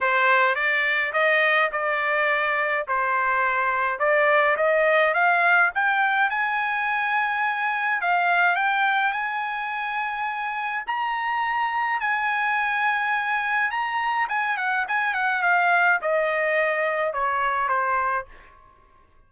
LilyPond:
\new Staff \with { instrumentName = "trumpet" } { \time 4/4 \tempo 4 = 105 c''4 d''4 dis''4 d''4~ | d''4 c''2 d''4 | dis''4 f''4 g''4 gis''4~ | gis''2 f''4 g''4 |
gis''2. ais''4~ | ais''4 gis''2. | ais''4 gis''8 fis''8 gis''8 fis''8 f''4 | dis''2 cis''4 c''4 | }